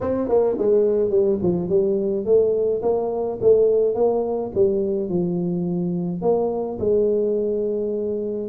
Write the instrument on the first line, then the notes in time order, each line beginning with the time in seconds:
tuba
0.00 C4
0.28 A#3
0.58 G#3
1.10 G3
1.42 F3
1.69 G3
2.25 A3
2.81 A#3
3.41 A3
3.95 A#3
4.54 G3
5.09 F3
6.21 A#3
6.79 G#3